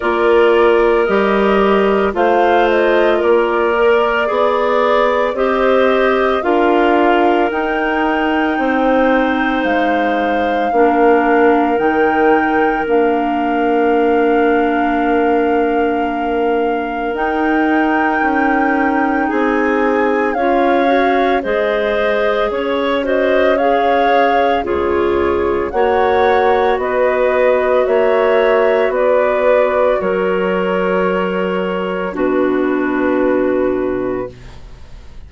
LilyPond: <<
  \new Staff \with { instrumentName = "flute" } { \time 4/4 \tempo 4 = 56 d''4 dis''4 f''8 dis''8 d''4~ | d''4 dis''4 f''4 g''4~ | g''4 f''2 g''4 | f''1 |
g''2 gis''4 f''4 | dis''4 cis''8 dis''8 f''4 cis''4 | fis''4 dis''4 e''4 d''4 | cis''2 b'2 | }
  \new Staff \with { instrumentName = "clarinet" } { \time 4/4 ais'2 c''4 ais'4 | d''4 c''4 ais'2 | c''2 ais'2~ | ais'1~ |
ais'2 gis'4 cis''4 | c''4 cis''8 c''8 cis''4 gis'4 | cis''4 b'4 cis''4 b'4 | ais'2 fis'2 | }
  \new Staff \with { instrumentName = "clarinet" } { \time 4/4 f'4 g'4 f'4. ais'8 | gis'4 g'4 f'4 dis'4~ | dis'2 d'4 dis'4 | d'1 |
dis'2. f'8 fis'8 | gis'4. fis'8 gis'4 f'4 | fis'1~ | fis'2 d'2 | }
  \new Staff \with { instrumentName = "bassoon" } { \time 4/4 ais4 g4 a4 ais4 | b4 c'4 d'4 dis'4 | c'4 gis4 ais4 dis4 | ais1 |
dis'4 cis'4 c'4 cis'4 | gis4 cis'2 cis,4 | ais4 b4 ais4 b4 | fis2 b,2 | }
>>